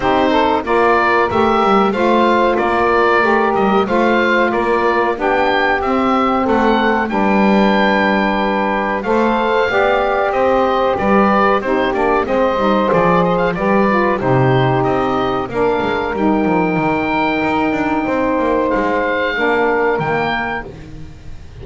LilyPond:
<<
  \new Staff \with { instrumentName = "oboe" } { \time 4/4 \tempo 4 = 93 c''4 d''4 e''4 f''4 | d''4. dis''8 f''4 d''4 | g''4 e''4 fis''4 g''4~ | g''2 f''2 |
dis''4 d''4 c''8 d''8 dis''4 | d''8 dis''16 f''16 d''4 c''4 dis''4 | f''4 g''2.~ | g''4 f''2 g''4 | }
  \new Staff \with { instrumentName = "saxophone" } { \time 4/4 g'8 a'8 ais'2 c''4 | ais'2 c''4 ais'4 | g'2 a'4 b'4~ | b'2 c''4 d''4 |
c''4 b'4 g'4 c''4~ | c''4 b'4 g'2 | ais'1 | c''2 ais'2 | }
  \new Staff \with { instrumentName = "saxophone" } { \time 4/4 dis'4 f'4 g'4 f'4~ | f'4 g'4 f'2 | d'4 c'2 d'4~ | d'2 a'4 g'4~ |
g'2 dis'8 d'8 c'8 dis'8 | gis'4 g'8 f'8 dis'2 | d'4 dis'2.~ | dis'2 d'4 ais4 | }
  \new Staff \with { instrumentName = "double bass" } { \time 4/4 c'4 ais4 a8 g8 a4 | ais4 a8 g8 a4 ais4 | b4 c'4 a4 g4~ | g2 a4 b4 |
c'4 g4 c'8 ais8 gis8 g8 | f4 g4 c4 c'4 | ais8 gis8 g8 f8 dis4 dis'8 d'8 | c'8 ais8 gis4 ais4 dis4 | }
>>